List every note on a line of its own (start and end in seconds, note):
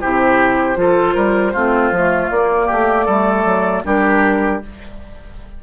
0.00 0.76 C3
0.00 0.76 E4
0.00 0.78 G4
0.00 2.31 C5
0.76 1.15 F3
0.76 1.53 F4
0.76 1.15 A4
1.15 1.55 G3
1.15 1.53 A#4
1.53 1.92 A3
1.53 1.94 C4
1.53 2.67 F4
1.92 2.30 F3
1.92 2.33 A3
2.31 2.69 A#3
2.31 3.09 A#3
2.31 3.84 D5
2.67 3.08 A3
2.67 3.05 G4
3.05 3.45 G3
3.05 3.85 A3
3.05 3.82 A4
3.45 3.84 F#3
3.85 4.62 G3
3.85 4.62 D4
3.85 4.63 G4
3.85 4.62 A#4